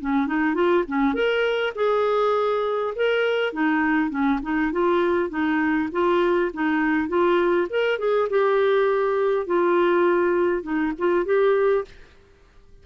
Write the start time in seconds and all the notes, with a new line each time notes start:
0.00 C#4
0.27 D#4
0.54 F4
0.87 C#4
1.14 A#4
1.75 G#4
2.95 A#4
3.53 D#4
4.10 C#4
4.42 D#4
4.72 F4
5.30 D#4
5.92 F4
6.53 D#4
7.08 F4
7.69 A#4
7.98 G#4
8.29 G4
9.46 F4
10.63 D#4
10.98 F4
11.25 G4